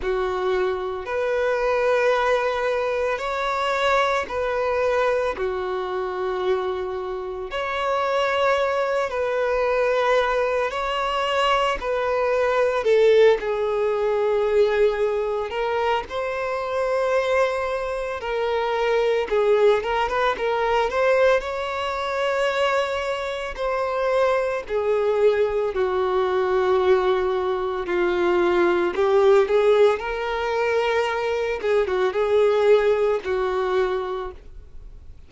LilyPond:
\new Staff \with { instrumentName = "violin" } { \time 4/4 \tempo 4 = 56 fis'4 b'2 cis''4 | b'4 fis'2 cis''4~ | cis''8 b'4. cis''4 b'4 | a'8 gis'2 ais'8 c''4~ |
c''4 ais'4 gis'8 ais'16 b'16 ais'8 c''8 | cis''2 c''4 gis'4 | fis'2 f'4 g'8 gis'8 | ais'4. gis'16 fis'16 gis'4 fis'4 | }